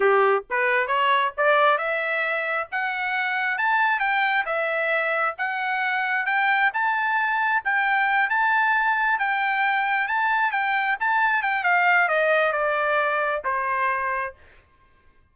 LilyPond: \new Staff \with { instrumentName = "trumpet" } { \time 4/4 \tempo 4 = 134 g'4 b'4 cis''4 d''4 | e''2 fis''2 | a''4 g''4 e''2 | fis''2 g''4 a''4~ |
a''4 g''4. a''4.~ | a''8 g''2 a''4 g''8~ | g''8 a''4 g''8 f''4 dis''4 | d''2 c''2 | }